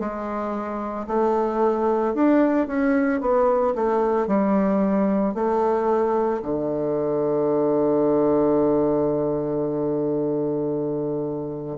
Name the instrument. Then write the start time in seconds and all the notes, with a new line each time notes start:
bassoon
0.00 G#3
1.08 A3
2.15 D4
2.67 C#4
3.21 B3
3.75 A3
4.28 G3
5.35 A3
6.42 D3